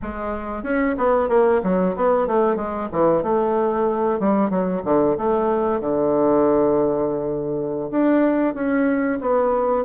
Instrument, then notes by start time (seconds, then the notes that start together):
bassoon
0.02 G#3
0.63 C#4
0.97 B3
1.28 A#3
1.63 F#3
1.95 B3
2.27 A3
2.56 G#3
2.92 E3
3.23 A3
4.19 G3
4.50 F#3
4.84 D3
5.17 A3
5.80 D3
7.91 D4
8.54 C#4
9.21 B3